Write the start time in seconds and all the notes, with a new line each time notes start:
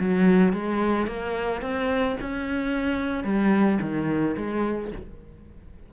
0.00 F#3
0.53 G#3
1.07 A#3
1.62 C4
2.21 C#4
3.25 G3
3.81 D#3
4.37 G#3